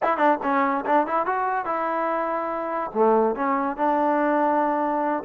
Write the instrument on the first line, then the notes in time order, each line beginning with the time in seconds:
trombone
0.02 E4
0.17 D4
0.43 C#4
0.85 D4
1.06 E4
1.26 F#4
1.65 E4
2.94 A3
3.35 C#4
3.76 D4